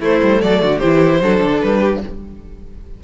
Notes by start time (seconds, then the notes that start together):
0.00 A3 E4 C5
0.22 G3
0.42 F#3 A4 D5
0.62 D3 F#4
0.79 E3 E4 G4 C5
1.21 F#3 D4 A4
1.42 D3
1.61 G3 B4
1.79 G4